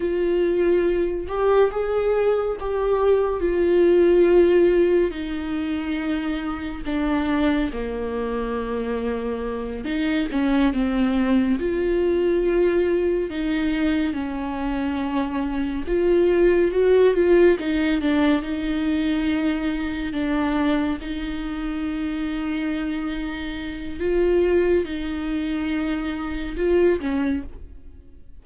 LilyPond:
\new Staff \with { instrumentName = "viola" } { \time 4/4 \tempo 4 = 70 f'4. g'8 gis'4 g'4 | f'2 dis'2 | d'4 ais2~ ais8 dis'8 | cis'8 c'4 f'2 dis'8~ |
dis'8 cis'2 f'4 fis'8 | f'8 dis'8 d'8 dis'2 d'8~ | d'8 dis'2.~ dis'8 | f'4 dis'2 f'8 cis'8 | }